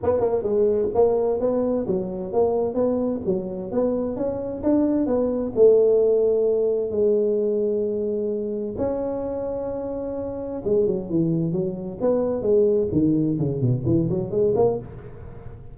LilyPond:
\new Staff \with { instrumentName = "tuba" } { \time 4/4 \tempo 4 = 130 b8 ais8 gis4 ais4 b4 | fis4 ais4 b4 fis4 | b4 cis'4 d'4 b4 | a2. gis4~ |
gis2. cis'4~ | cis'2. gis8 fis8 | e4 fis4 b4 gis4 | dis4 cis8 b,8 e8 fis8 gis8 ais8 | }